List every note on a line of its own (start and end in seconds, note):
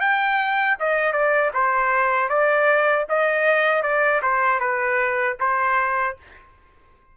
0.00 0.77 G5
0.79 1.13 D#5
1.13 1.51 D5
1.53 2.29 C5
2.29 3.06 D5
3.09 3.83 D#5
3.83 4.21 D5
4.22 4.60 C5
4.60 5.37 B4
5.40 6.17 C5